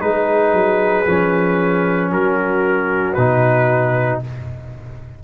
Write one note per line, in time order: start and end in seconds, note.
0.00 0.53 G#3
0.00 1.05 D#4
0.00 2.12 G#4
0.00 2.11 B4
0.53 1.06 F#3
1.06 2.12 F3
1.06 3.17 C#4
2.12 3.17 F#3
2.12 4.23 F#4
2.12 3.14 A#4
3.14 4.22 B2
3.14 4.24 D#4
3.14 4.20 B4